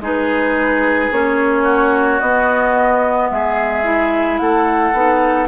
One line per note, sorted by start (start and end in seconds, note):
0.00 1.09 G#3
0.00 1.10 D#4
0.00 1.63 G#4
0.00 1.12 B4
1.12 2.21 A#3
1.12 2.21 C#4
1.12 2.20 C#5
1.63 3.27 F#4
2.20 3.30 B3
2.20 3.83 B3
2.20 3.29 D#5
3.30 4.40 G#3
3.30 4.41 G#4
3.30 4.38 E5
3.83 4.92 E4
4.38 4.93 A3
4.38 5.48 A4
4.38 5.47 F#5
4.93 5.48 B3
4.93 5.48 D#4